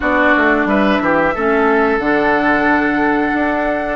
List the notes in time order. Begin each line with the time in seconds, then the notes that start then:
0.00 B3 D4 F#4 D5
0.35 A3
0.65 G3 B4 E5
1.00 E3 G4
1.34 A3 C#4 A4
1.98 D3 D4 F#5
3.33 D4